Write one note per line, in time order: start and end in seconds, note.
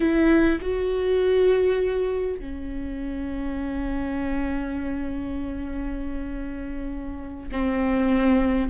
0.00 0.59 E4
0.61 2.39 F#4
2.39 7.49 C#4
7.51 8.70 C4